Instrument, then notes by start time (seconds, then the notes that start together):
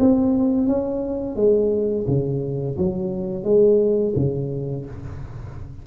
tuba
0.00 C4
0.68 C#4
1.36 G#3
2.08 C#3
2.78 F#3
3.44 G#3
4.16 C#3